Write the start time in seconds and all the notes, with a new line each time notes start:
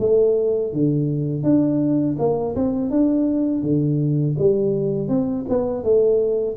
0.00 A3
0.73 D3
1.44 D4
2.19 A#3
2.56 C4
2.91 D4
3.63 D3
4.39 G3
5.09 C4
5.49 B3
5.84 A3